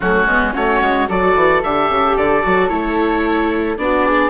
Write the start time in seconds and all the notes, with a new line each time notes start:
0.00 F#3 A3 C#4 F#4
0.26 G#3 B3
0.52 A3 C#4 F#4 C#5
0.81 G#3
1.08 F#3 F#4 A4 D5
1.35 E3
1.62 D3 G4 E5
1.89 C#3
2.16 D3 D5
2.42 F#3 F#4
2.69 A3 E4 C#5
3.77 B3 D4 F#4 D5
4.06 G#4